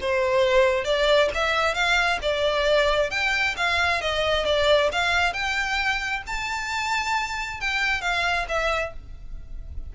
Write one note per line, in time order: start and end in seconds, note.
0.00 0.84 C5
0.84 1.29 D5
1.34 1.74 E5
1.74 2.19 F5
2.22 3.10 D5
3.10 3.55 G5
3.57 4.01 F5
4.01 4.45 D#5
4.45 4.90 D5
4.92 5.33 F5
5.33 6.23 G5
6.27 7.60 A5
7.60 8.01 G5
8.01 8.46 F5
8.48 8.93 E5